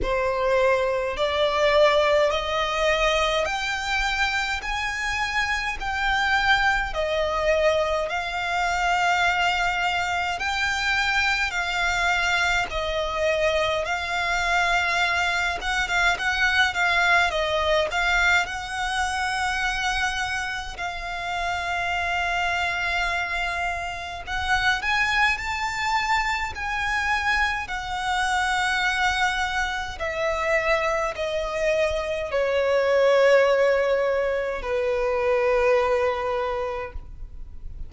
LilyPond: \new Staff \with { instrumentName = "violin" } { \time 4/4 \tempo 4 = 52 c''4 d''4 dis''4 g''4 | gis''4 g''4 dis''4 f''4~ | f''4 g''4 f''4 dis''4 | f''4. fis''16 f''16 fis''8 f''8 dis''8 f''8 |
fis''2 f''2~ | f''4 fis''8 gis''8 a''4 gis''4 | fis''2 e''4 dis''4 | cis''2 b'2 | }